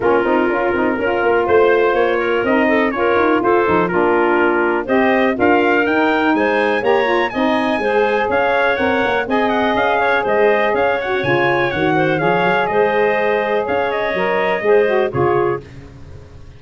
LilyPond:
<<
  \new Staff \with { instrumentName = "trumpet" } { \time 4/4 \tempo 4 = 123 ais'2. c''4 | cis''4 dis''4 cis''4 c''4 | ais'2 dis''4 f''4 | g''4 gis''4 ais''4 gis''4~ |
gis''4 f''4 fis''4 gis''8 fis''8 | f''4 dis''4 f''8 fis''8 gis''4 | fis''4 f''4 dis''2 | f''8 dis''2~ dis''8 cis''4 | }
  \new Staff \with { instrumentName = "clarinet" } { \time 4/4 f'2 ais'4 c''4~ | c''8 ais'4 a'8 ais'4 a'4 | f'2 c''4 ais'4~ | ais'4 c''4 cis''4 dis''4 |
c''4 cis''2 dis''4~ | dis''8 cis''8 c''4 cis''2~ | cis''8 c''8 cis''4 c''2 | cis''2 c''4 gis'4 | }
  \new Staff \with { instrumentName = "saxophone" } { \time 4/4 cis'8 dis'8 f'8 dis'8 f'2~ | f'4 dis'4 f'4. dis'8 | d'2 g'4 f'4 | dis'2 g'8 f'8 dis'4 |
gis'2 ais'4 gis'4~ | gis'2~ gis'8 fis'8 f'4 | fis'4 gis'2.~ | gis'4 ais'4 gis'8 fis'8 f'4 | }
  \new Staff \with { instrumentName = "tuba" } { \time 4/4 ais8 c'8 cis'8 c'8 cis'8 ais8 a4 | ais4 c'4 cis'8 dis'8 f'8 f8 | ais2 c'4 d'4 | dis'4 gis4 ais4 c'4 |
gis4 cis'4 c'8 ais8 c'4 | cis'4 gis4 cis'4 cis4 | dis4 f8 fis8 gis2 | cis'4 fis4 gis4 cis4 | }
>>